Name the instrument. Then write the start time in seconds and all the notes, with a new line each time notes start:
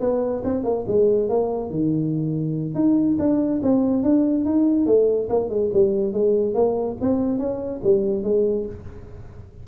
tuba
0.00 B3
0.44 C4
0.64 A#3
0.87 G#3
1.29 A#3
1.70 D#3
2.74 D#4
3.19 D4
3.63 C4
4.03 D4
4.45 D#4
4.86 A3
5.29 A#3
5.49 G#3
5.73 G3
6.13 G#3
6.54 A#3
7.01 C4
7.38 C#4
7.83 G3
8.23 G#3